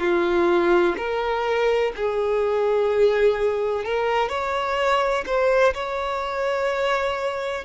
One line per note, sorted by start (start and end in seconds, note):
0.00 0.95 F4
0.97 1.92 A#4
1.96 3.84 G#4
3.84 4.29 A#4
4.29 5.24 C#5
5.26 5.74 C5
5.74 7.65 C#5